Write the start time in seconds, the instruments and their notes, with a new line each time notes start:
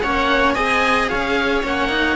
0.00 cello A#3 C#4, viola C#5, oboe F#5
0.54 cello C4 G#4, viola D#5, oboe G#5
1.08 cello C#4, viola C#5, oboe F5
1.63 cello A#3 C#4, oboe F#5
1.89 cello D#4